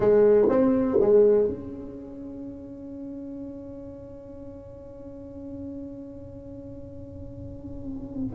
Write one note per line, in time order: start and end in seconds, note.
0.00 0.48 G#3
0.49 0.98 C4
1.00 1.47 G#3
1.47 8.35 C#4